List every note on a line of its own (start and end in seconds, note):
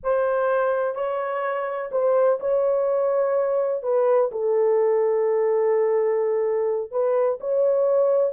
0.03 0.95 C5
0.95 1.90 C#5
1.91 2.39 C5
2.39 3.82 C#5
3.82 4.30 B4
4.31 6.91 A4
6.91 7.38 B4
7.40 8.32 C#5